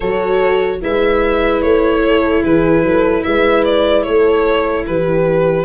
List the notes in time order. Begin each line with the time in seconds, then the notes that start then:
0.00 F#3 F#4 A4 C#5
0.81 G#3 E4 B4 E5
1.61 A3 C#5
2.07 A4
2.43 E3 G#4 B4
2.82 F#3 A4
3.23 G#3 B4 E5
3.64 D5
4.03 A3 A4 C#5
4.86 E3 G4 B4